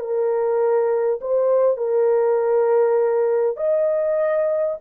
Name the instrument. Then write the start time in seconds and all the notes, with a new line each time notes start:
horn
0.00 A#4
1.21 C5
1.78 A#4
3.57 D#5